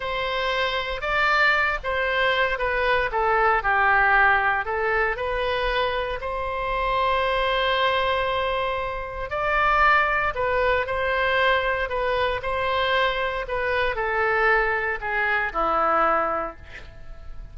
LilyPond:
\new Staff \with { instrumentName = "oboe" } { \time 4/4 \tempo 4 = 116 c''2 d''4. c''8~ | c''4 b'4 a'4 g'4~ | g'4 a'4 b'2 | c''1~ |
c''2 d''2 | b'4 c''2 b'4 | c''2 b'4 a'4~ | a'4 gis'4 e'2 | }